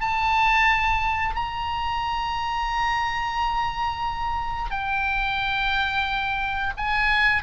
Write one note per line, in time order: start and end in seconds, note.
0.00 1.35 A5
1.35 4.71 A#5
4.71 6.73 G5
6.77 7.42 G#5